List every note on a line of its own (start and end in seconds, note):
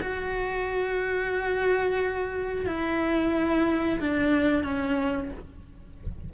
0.00 2.66 F#4
2.66 3.99 E4
3.99 4.63 D4
4.63 5.30 C#4